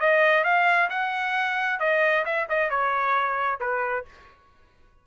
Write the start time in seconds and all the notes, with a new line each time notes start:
0.00 D#5
0.44 F5
0.89 F#5
1.79 D#5
2.25 E5
2.49 D#5
2.70 C#5
3.60 B4